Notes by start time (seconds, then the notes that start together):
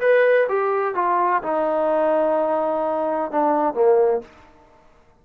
0.00 B4
0.49 G4
0.95 F4
1.42 D#4
3.31 D4
3.74 A#3